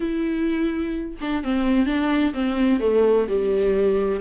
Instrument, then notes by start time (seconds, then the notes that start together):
viola
0.00 E4
1.20 D4
1.43 C4
1.86 D4
2.33 C4
2.80 A3
3.28 G3